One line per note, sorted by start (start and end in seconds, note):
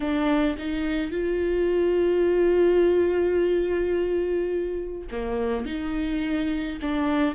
0.00 0.56 D4
0.58 1.11 D#4
1.11 5.07 F4
5.11 5.65 A#3
5.65 6.78 D#4
6.81 7.34 D4